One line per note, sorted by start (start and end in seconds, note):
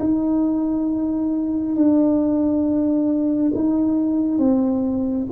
0.00 1.76 D#4
1.76 3.53 D4
3.55 4.39 D#4
4.39 5.27 C4